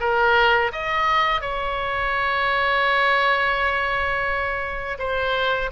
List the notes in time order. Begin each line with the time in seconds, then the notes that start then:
0.00 A#4
0.72 D#5
1.41 C#5
4.99 C5